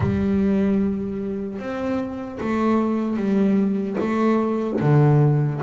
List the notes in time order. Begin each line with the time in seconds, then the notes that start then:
0.00 G3
1.59 C4
2.40 A3
3.16 G3
4.00 A3
4.80 D3